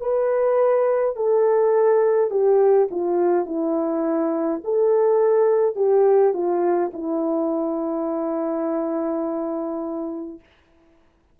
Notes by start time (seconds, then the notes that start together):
0.00 B4
1.16 A4
2.30 G4
2.91 F4
3.46 E4
4.64 A4
5.75 G4
6.34 F4
6.93 E4